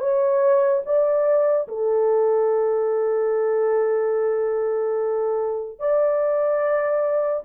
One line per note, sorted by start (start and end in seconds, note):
0.00 0.82 C#5
0.86 1.68 D5
1.68 5.79 A4
5.79 7.44 D5